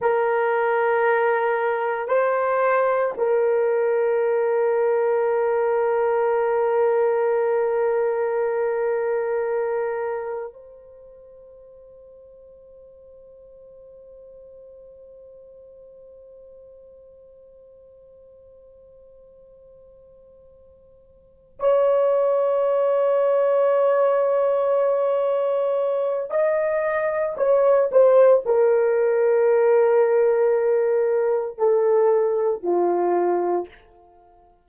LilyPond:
\new Staff \with { instrumentName = "horn" } { \time 4/4 \tempo 4 = 57 ais'2 c''4 ais'4~ | ais'1~ | ais'2 c''2~ | c''1~ |
c''1~ | c''8 cis''2.~ cis''8~ | cis''4 dis''4 cis''8 c''8 ais'4~ | ais'2 a'4 f'4 | }